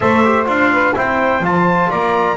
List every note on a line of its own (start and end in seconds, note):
0.00 0.47 A3
0.00 0.23 A4
0.00 0.72 C5
0.00 0.47 E5
0.24 0.45 G4
0.45 0.95 D4
0.45 0.93 F4
0.45 0.97 F5
0.72 0.95 B4
0.95 1.40 C4
0.95 1.42 E4
0.95 1.89 C5
0.95 1.45 G5
1.40 1.88 F3
1.40 2.37 F4
1.40 1.90 A5
1.89 2.37 A#3
1.89 2.37 D5
1.89 2.37 A#5